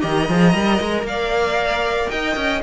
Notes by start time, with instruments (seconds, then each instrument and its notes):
0.00 cello D#3, viola G4, violin D#5 A#5
0.29 cello F3, viola G#4
0.54 cello G3, viola A#4
0.80 cello G#3
1.02 cello A#3, violin D5 F5
2.09 cello D#4, violin D#5 G5
2.36 cello C#4